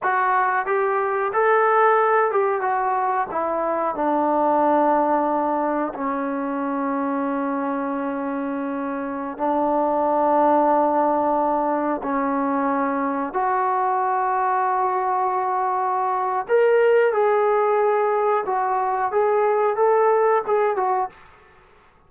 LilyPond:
\new Staff \with { instrumentName = "trombone" } { \time 4/4 \tempo 4 = 91 fis'4 g'4 a'4. g'8 | fis'4 e'4 d'2~ | d'4 cis'2.~ | cis'2~ cis'16 d'4.~ d'16~ |
d'2~ d'16 cis'4.~ cis'16~ | cis'16 fis'2.~ fis'8.~ | fis'4 ais'4 gis'2 | fis'4 gis'4 a'4 gis'8 fis'8 | }